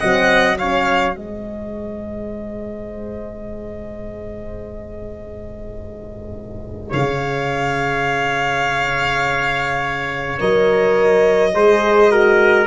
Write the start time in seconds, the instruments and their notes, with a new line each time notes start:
0.00 tuba F#3, horn C4, trumpet D#5, violin F#5
0.59 horn C#4, trumpet C#5, violin F5
1.15 tuba G#3, horn G#4, trumpet C5, violin D#5
6.90 tuba C#3, trumpet C#5, violin F5
10.39 tuba F#3, horn A#4, violin D#5
11.55 tuba G#3, horn G#4, trumpet C5
12.11 horn F#4, trumpet A#4